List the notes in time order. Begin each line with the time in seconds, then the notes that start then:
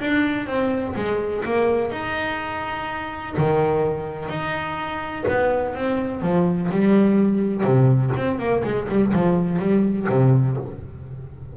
0.00 D4
0.47 C4
0.95 G#3
1.44 A#3
1.91 D#4
3.37 D#3
4.29 D#4
5.28 B3
5.75 C4
6.22 F3
6.71 G3
7.63 C3
8.16 C4
8.39 A#3
8.64 G#3
8.88 G3
9.13 F3
9.58 G3
10.09 C3